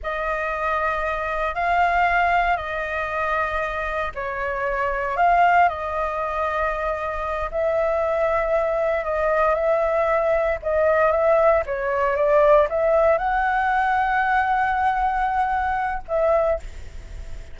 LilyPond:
\new Staff \with { instrumentName = "flute" } { \time 4/4 \tempo 4 = 116 dis''2. f''4~ | f''4 dis''2. | cis''2 f''4 dis''4~ | dis''2~ dis''8 e''4.~ |
e''4. dis''4 e''4.~ | e''8 dis''4 e''4 cis''4 d''8~ | d''8 e''4 fis''2~ fis''8~ | fis''2. e''4 | }